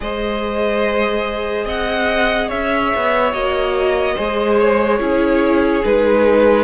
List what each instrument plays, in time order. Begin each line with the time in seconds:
0.00 cello G#3, viola G#4, violin C5 D#5
1.65 cello C4, violin D#5 F#5
2.48 cello C#4, violin C#5 E5
2.95 cello B3
3.32 cello A#3, viola F#4, violin D#5
4.15 cello G#3, viola G#4, violin C5
4.59 violin C#5
5.00 cello C#4, viola E4, violin G#4
5.84 cello G#3, viola D#4, violin B4